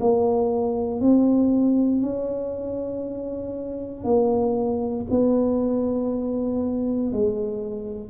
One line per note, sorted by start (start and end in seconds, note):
0.00 1.00 A#3
1.00 2.02 C4
2.02 4.04 C#4
4.04 5.06 A#3
5.10 7.12 B3
7.12 8.10 G#3